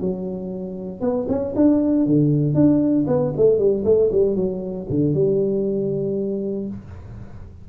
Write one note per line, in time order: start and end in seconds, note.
0.00 1.00 F#3
1.00 1.26 B3
1.28 1.54 C#4
1.55 2.06 D4
2.06 2.54 D3
2.54 3.06 D4
3.07 3.32 B3
3.36 3.58 A3
3.58 3.84 G3
3.84 4.10 A3
4.11 4.35 G3
4.35 4.86 F#3
4.89 5.14 D3
5.14 6.68 G3